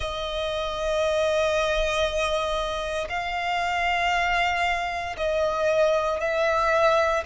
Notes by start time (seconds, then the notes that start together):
0.00 D#5
3.08 F5
5.17 D#5
6.20 E5